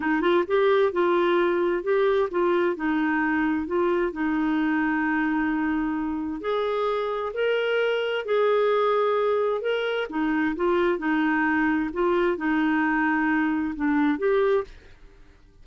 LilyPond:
\new Staff \with { instrumentName = "clarinet" } { \time 4/4 \tempo 4 = 131 dis'8 f'8 g'4 f'2 | g'4 f'4 dis'2 | f'4 dis'2.~ | dis'2 gis'2 |
ais'2 gis'2~ | gis'4 ais'4 dis'4 f'4 | dis'2 f'4 dis'4~ | dis'2 d'4 g'4 | }